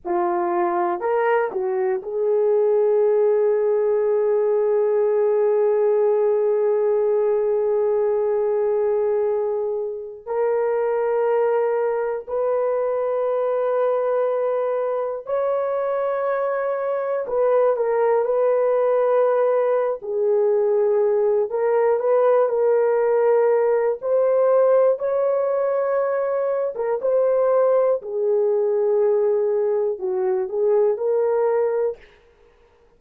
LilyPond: \new Staff \with { instrumentName = "horn" } { \time 4/4 \tempo 4 = 60 f'4 ais'8 fis'8 gis'2~ | gis'1~ | gis'2~ gis'16 ais'4.~ ais'16~ | ais'16 b'2. cis''8.~ |
cis''4~ cis''16 b'8 ais'8 b'4.~ b'16 | gis'4. ais'8 b'8 ais'4. | c''4 cis''4.~ cis''16 ais'16 c''4 | gis'2 fis'8 gis'8 ais'4 | }